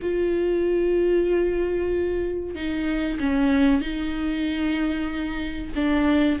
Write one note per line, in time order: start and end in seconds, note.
0.01 2.55 F4
2.55 3.19 D#4
3.19 3.81 C#4
3.81 5.72 D#4
5.75 6.39 D4